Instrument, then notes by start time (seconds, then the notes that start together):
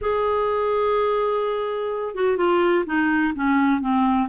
clarinet
0.01 G#4
2.15 F#4
2.37 F4
2.86 D#4
3.35 C#4
3.81 C4